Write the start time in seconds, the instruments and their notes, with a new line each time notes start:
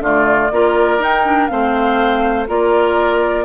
0.00 bassoon D3, clarinet A3, oboe F4, flute D5
0.51 bassoon A#3, clarinet F4, oboe A#4
0.98 bassoon D#4, clarinet D#4, flute G5
1.25 clarinet D4
1.47 bassoon A3, clarinet C4, oboe C5, flute F5
2.47 bassoon A#3, clarinet F4, oboe A#4, flute D5